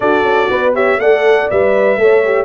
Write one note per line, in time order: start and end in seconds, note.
0.00 0.23 D4
0.00 0.74 F#4
0.00 0.50 A4
0.00 0.73 D5
0.23 0.47 C#4
0.50 0.97 B3
0.50 0.74 B4
0.74 0.99 G4
0.74 0.99 C#5
0.74 0.99 E5
0.97 1.47 A3
0.97 1.50 A4
0.97 2.00 D5
0.97 1.49 F#5
1.50 1.97 G3
1.50 1.99 B4
1.50 2.45 E5
1.97 2.45 A3
1.97 2.24 A4
1.97 2.45 C#5
2.24 2.45 G4